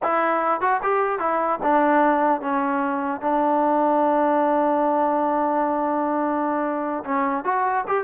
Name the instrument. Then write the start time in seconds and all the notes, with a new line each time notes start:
trombone
0.03 E4
0.60 F#4
0.82 G4
1.19 E4
1.63 D4
2.41 C#4
3.21 D4
7.04 C#4
7.44 F#4
7.87 G4